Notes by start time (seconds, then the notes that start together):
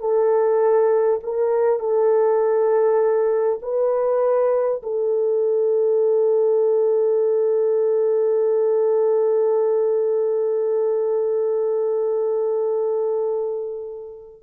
0.00 A4
1.23 A#4
1.79 A4
3.62 B4
4.83 A4